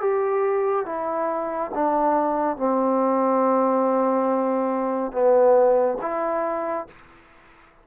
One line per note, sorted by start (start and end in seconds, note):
0.00 0.85 G4
0.85 1.71 E4
1.74 2.56 D4
2.56 5.12 C4
5.12 5.97 B3
6.01 6.87 E4